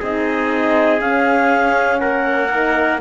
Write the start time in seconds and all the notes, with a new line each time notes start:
0.00 C4 D#4 G#4 D#5
1.00 C#4 F5
1.99 A#3 A#4 F#5
2.51 D#4